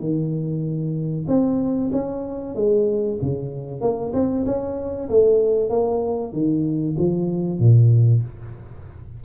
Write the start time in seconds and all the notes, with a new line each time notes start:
0.00 D#3
1.28 C4
1.92 C#4
2.55 G#3
3.22 C#3
3.81 A#3
4.13 C4
4.46 C#4
5.09 A3
5.70 A#3
6.33 D#3
6.98 F3
7.60 A#2